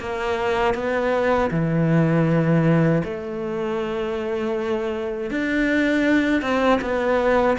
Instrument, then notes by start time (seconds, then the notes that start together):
cello
0.00 A#3
0.75 B3
1.51 E3
3.04 A3
5.31 D4
6.42 C4
6.82 B3